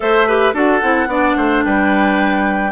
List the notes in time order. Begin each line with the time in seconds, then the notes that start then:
0.00 A3 A4 C5 E5
0.27 G4 B4
0.53 D4 F#4 A4 F#5
0.81 C4 E4
1.07 B3 D4 D5
1.36 A3 C5
1.64 G3 B4 G5